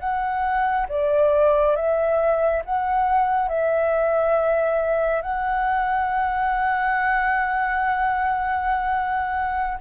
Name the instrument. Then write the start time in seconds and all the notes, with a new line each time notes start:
flute
0.00 F#5
0.89 D5
1.76 E5
2.66 F#5
3.49 E5
5.22 F#5